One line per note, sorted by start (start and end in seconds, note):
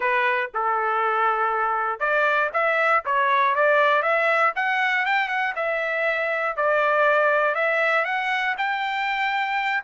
0.00 0.50 B4
0.54 1.99 A4
1.99 2.50 D5
2.53 3.03 E5
3.05 3.55 C#5
3.55 4.02 D5
4.02 4.52 E5
4.55 5.05 F#5
5.05 5.28 G5
5.28 5.53 F#5
5.55 6.56 E5
6.56 7.54 D5
7.54 8.04 E5
8.04 8.55 F#5
8.57 9.83 G5